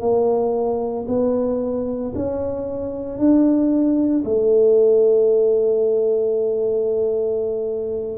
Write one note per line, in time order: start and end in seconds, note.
0.00 1.05 A#3
1.08 2.13 B3
2.14 3.18 C#4
3.18 4.23 D4
4.24 8.17 A3